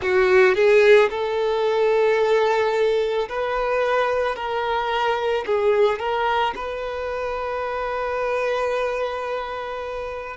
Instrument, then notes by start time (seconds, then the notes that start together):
violin
0.01 F#4
0.55 G#4
1.10 A4
3.28 B4
4.35 A#4
5.45 G#4
5.99 A#4
6.55 B4